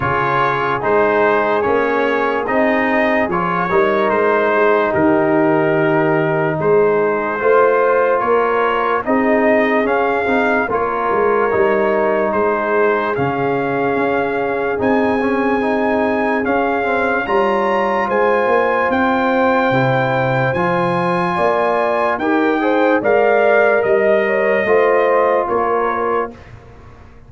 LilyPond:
<<
  \new Staff \with { instrumentName = "trumpet" } { \time 4/4 \tempo 4 = 73 cis''4 c''4 cis''4 dis''4 | cis''4 c''4 ais'2 | c''2 cis''4 dis''4 | f''4 cis''2 c''4 |
f''2 gis''2 | f''4 ais''4 gis''4 g''4~ | g''4 gis''2 g''4 | f''4 dis''2 cis''4 | }
  \new Staff \with { instrumentName = "horn" } { \time 4/4 gis'1~ | gis'8 ais'4 gis'8 g'2 | gis'4 c''4 ais'4 gis'4~ | gis'4 ais'2 gis'4~ |
gis'1~ | gis'4 cis''4 c''2~ | c''2 d''4 ais'8 c''8 | d''4 dis''8 cis''8 c''4 ais'4 | }
  \new Staff \with { instrumentName = "trombone" } { \time 4/4 f'4 dis'4 cis'4 dis'4 | f'8 dis'2.~ dis'8~ | dis'4 f'2 dis'4 | cis'8 dis'8 f'4 dis'2 |
cis'2 dis'8 cis'8 dis'4 | cis'8 c'8 f'2. | e'4 f'2 g'8 gis'8 | ais'2 f'2 | }
  \new Staff \with { instrumentName = "tuba" } { \time 4/4 cis4 gis4 ais4 c'4 | f8 g8 gis4 dis2 | gis4 a4 ais4 c'4 | cis'8 c'8 ais8 gis8 g4 gis4 |
cis4 cis'4 c'2 | cis'4 g4 gis8 ais8 c'4 | c4 f4 ais4 dis'4 | gis4 g4 a4 ais4 | }
>>